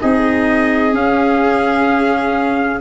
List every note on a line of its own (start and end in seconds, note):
0.00 0.94 C4
0.00 0.93 D#4
0.00 2.81 G#4
0.00 0.95 D#5
0.93 2.80 C#4
0.93 2.81 C#4
0.93 2.81 F5